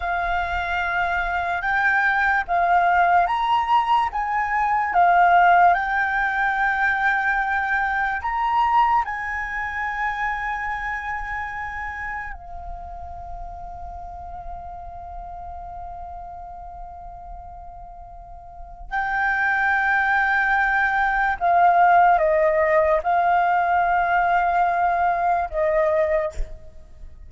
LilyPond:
\new Staff \with { instrumentName = "flute" } { \time 4/4 \tempo 4 = 73 f''2 g''4 f''4 | ais''4 gis''4 f''4 g''4~ | g''2 ais''4 gis''4~ | gis''2. f''4~ |
f''1~ | f''2. g''4~ | g''2 f''4 dis''4 | f''2. dis''4 | }